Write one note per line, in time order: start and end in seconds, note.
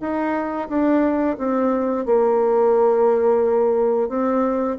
0.00 0.68 D#4
0.68 1.37 D4
1.38 2.05 C4
2.05 4.08 A#3
4.08 4.77 C4